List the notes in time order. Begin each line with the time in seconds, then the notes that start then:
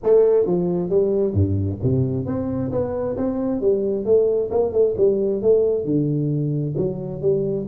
0.03 A3
0.46 F3
0.89 G3
1.33 G2
1.82 C3
2.26 C4
2.71 B3
3.17 C4
3.60 G3
4.05 A3
4.50 A#3
4.72 A3
4.97 G3
5.42 A3
5.84 D3
6.77 F#3
7.21 G3